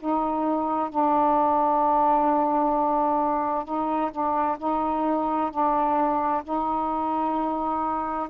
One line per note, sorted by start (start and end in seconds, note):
0.00 0.90 D#4
0.90 3.65 D4
3.65 4.11 D#4
4.12 4.58 D4
4.59 5.51 D#4
5.51 6.43 D4
6.44 8.29 D#4